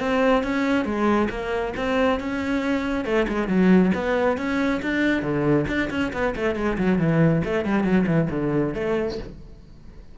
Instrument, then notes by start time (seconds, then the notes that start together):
cello
0.00 C4
0.43 C#4
0.85 G#3
1.30 A#3
1.77 C4
2.20 C#4
3.05 A3
3.28 G#3
3.48 F#3
3.95 B3
4.37 C#4
4.82 D4
5.22 D3
5.68 D4
5.90 C#4
6.13 B3
6.36 A3
6.55 G#3
6.78 F#3
6.99 E3
7.45 A3
7.65 G3
7.84 F#3
8.07 E3
8.30 D3
8.74 A3